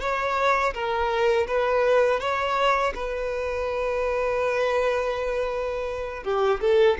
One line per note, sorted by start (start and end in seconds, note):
0.00 0.73 C#5
0.74 1.47 A#4
1.47 2.20 B4
2.20 2.93 C#5
2.95 6.23 B4
6.23 6.60 G4
6.61 6.97 A4